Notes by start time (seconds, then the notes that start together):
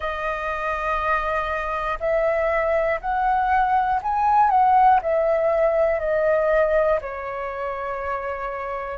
0.00 D#5
2.00 E5
3.00 F#5
4.02 G#5
4.50 F#5
5.01 E5
5.99 D#5
7.01 C#5